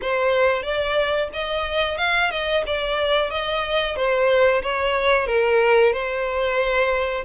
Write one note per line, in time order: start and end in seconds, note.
0.01 0.62 C5
0.62 1.28 D5
1.33 1.98 D#5
1.98 2.30 F5
2.30 2.63 D#5
2.66 3.30 D5
3.30 3.96 D#5
3.96 4.62 C5
4.62 5.26 C#5
5.26 5.92 A#4
5.92 7.24 C5